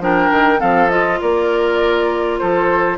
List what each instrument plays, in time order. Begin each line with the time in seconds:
0.00 bassoon F3, clarinet D4, oboe A#4, flute G5
0.32 bassoon D#3
0.59 bassoon F3, clarinet C4, oboe A4, flute F5
0.90 clarinet F4, flute D#5
1.21 bassoon A#3, oboe A#4, flute D5
2.39 bassoon F3, oboe A4, flute C5